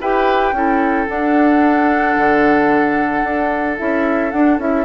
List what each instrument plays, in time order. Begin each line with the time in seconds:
0.00 bassoon E4, clarinet G4, oboe B4, flute G5
0.52 bassoon C#4, clarinet E4, oboe A4
1.06 clarinet D4, bassoon D4, flute F#5
2.17 bassoon D3
3.23 bassoon D4
3.77 bassoon C#4, clarinet E4, flute E5
4.31 bassoon D4, clarinet D4, flute F#5
4.58 bassoon C#4, clarinet E4, flute E5